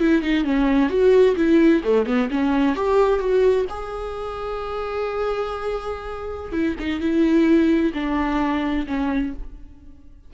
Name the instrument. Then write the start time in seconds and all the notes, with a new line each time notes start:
viola
0.00 E4
0.22 D#4
0.45 C#4
0.90 F#4
1.37 E4
1.84 A3
2.06 B3
2.31 C#4
2.76 G4
3.20 F#4
3.70 G#4
6.53 E4
6.80 D#4
7.00 E4
7.94 D4
8.87 C#4